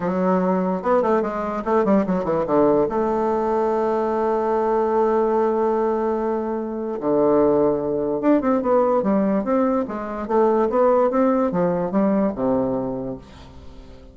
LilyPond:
\new Staff \with { instrumentName = "bassoon" } { \time 4/4 \tempo 4 = 146 fis2 b8 a8 gis4 | a8 g8 fis8 e8 d4 a4~ | a1~ | a1~ |
a4 d2. | d'8 c'8 b4 g4 c'4 | gis4 a4 b4 c'4 | f4 g4 c2 | }